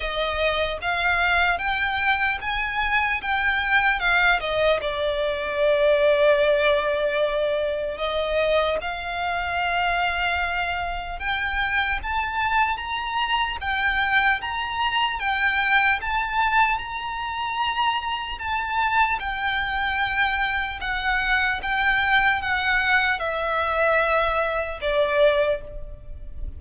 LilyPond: \new Staff \with { instrumentName = "violin" } { \time 4/4 \tempo 4 = 75 dis''4 f''4 g''4 gis''4 | g''4 f''8 dis''8 d''2~ | d''2 dis''4 f''4~ | f''2 g''4 a''4 |
ais''4 g''4 ais''4 g''4 | a''4 ais''2 a''4 | g''2 fis''4 g''4 | fis''4 e''2 d''4 | }